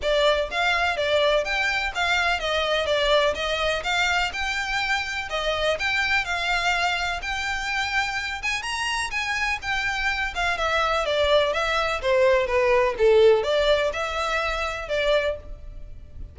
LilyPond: \new Staff \with { instrumentName = "violin" } { \time 4/4 \tempo 4 = 125 d''4 f''4 d''4 g''4 | f''4 dis''4 d''4 dis''4 | f''4 g''2 dis''4 | g''4 f''2 g''4~ |
g''4. gis''8 ais''4 gis''4 | g''4. f''8 e''4 d''4 | e''4 c''4 b'4 a'4 | d''4 e''2 d''4 | }